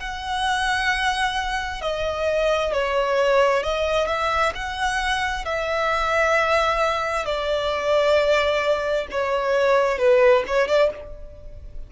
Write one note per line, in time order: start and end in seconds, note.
0.00 1.81 F#5
1.81 2.72 D#5
2.73 3.63 C#5
3.63 4.07 D#5
4.07 4.52 E5
4.55 5.45 F#5
5.45 7.25 E5
7.25 9.07 D5
9.11 9.98 C#5
9.98 10.44 B4
10.47 10.68 C#5
10.68 10.90 D5